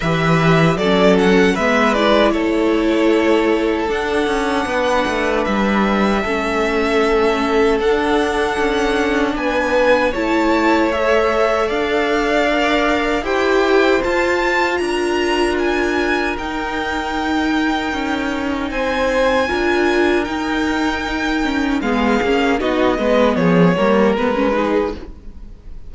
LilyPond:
<<
  \new Staff \with { instrumentName = "violin" } { \time 4/4 \tempo 4 = 77 e''4 d''8 fis''8 e''8 d''8 cis''4~ | cis''4 fis''2 e''4~ | e''2 fis''2 | gis''4 a''4 e''4 f''4~ |
f''4 g''4 a''4 ais''4 | gis''4 g''2. | gis''2 g''2 | f''4 dis''4 cis''4 b'4 | }
  \new Staff \with { instrumentName = "violin" } { \time 4/4 b'4 a'4 b'4 a'4~ | a'2 b'2 | a'1 | b'4 cis''2 d''4~ |
d''4 c''2 ais'4~ | ais'1 | c''4 ais'2. | gis'4 fis'8 b'8 gis'8 ais'4 gis'8 | }
  \new Staff \with { instrumentName = "viola" } { \time 4/4 g'4 cis'4 b8 e'4.~ | e'4 d'2. | cis'2 d'2~ | d'4 e'4 a'2 |
ais'4 g'4 f'2~ | f'4 dis'2.~ | dis'4 f'4 dis'4. cis'8 | b8 cis'8 dis'8 b4 ais8 b16 cis'16 dis'8 | }
  \new Staff \with { instrumentName = "cello" } { \time 4/4 e4 fis4 gis4 a4~ | a4 d'8 cis'8 b8 a8 g4 | a2 d'4 cis'4 | b4 a2 d'4~ |
d'4 e'4 f'4 d'4~ | d'4 dis'2 cis'4 | c'4 d'4 dis'2 | gis8 ais8 b8 gis8 f8 g8 gis4 | }
>>